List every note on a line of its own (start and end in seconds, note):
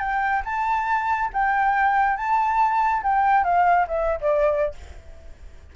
0.00 0.43 G5
0.45 1.31 A5
1.33 2.17 G5
2.17 3.03 A5
3.03 3.44 G5
3.44 3.87 F5
3.88 4.20 E5
4.21 4.75 D5